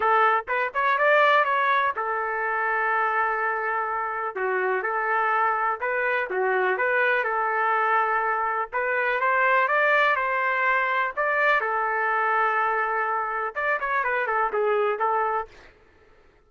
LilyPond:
\new Staff \with { instrumentName = "trumpet" } { \time 4/4 \tempo 4 = 124 a'4 b'8 cis''8 d''4 cis''4 | a'1~ | a'4 fis'4 a'2 | b'4 fis'4 b'4 a'4~ |
a'2 b'4 c''4 | d''4 c''2 d''4 | a'1 | d''8 cis''8 b'8 a'8 gis'4 a'4 | }